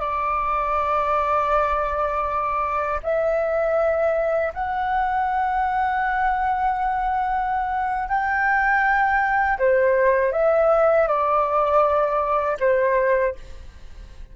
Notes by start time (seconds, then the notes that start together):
0.00 D5
3.03 E5
4.54 F#5
8.09 G5
9.59 C5
10.33 E5
11.08 D5
12.60 C5